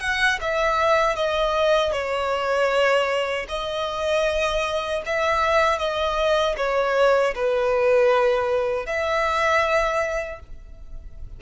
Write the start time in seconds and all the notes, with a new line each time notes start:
0.00 F#5
0.41 E5
1.15 D#5
1.92 C#5
3.48 D#5
5.06 E5
5.78 D#5
6.57 C#5
7.35 B4
8.86 E5